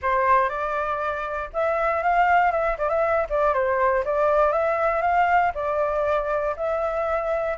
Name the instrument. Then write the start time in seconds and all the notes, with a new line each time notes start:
flute
0.01 C5
0.49 D5
1.53 E5
2.02 F5
2.51 E5
2.78 D5
2.89 E5
3.29 D5
3.53 C5
4.04 D5
4.52 E5
5.01 F5
5.54 D5
6.56 E5